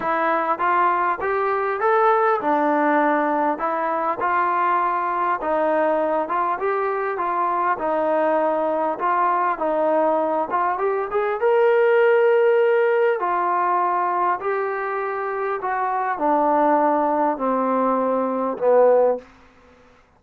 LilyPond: \new Staff \with { instrumentName = "trombone" } { \time 4/4 \tempo 4 = 100 e'4 f'4 g'4 a'4 | d'2 e'4 f'4~ | f'4 dis'4. f'8 g'4 | f'4 dis'2 f'4 |
dis'4. f'8 g'8 gis'8 ais'4~ | ais'2 f'2 | g'2 fis'4 d'4~ | d'4 c'2 b4 | }